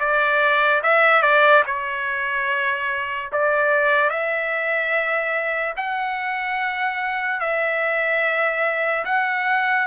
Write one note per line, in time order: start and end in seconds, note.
0.00 0.82 D5
0.83 1.23 E5
1.23 1.64 D5
1.67 3.31 C#5
3.33 4.10 D5
4.10 5.74 E5
5.76 7.40 F#5
7.40 9.05 E5
9.05 9.87 F#5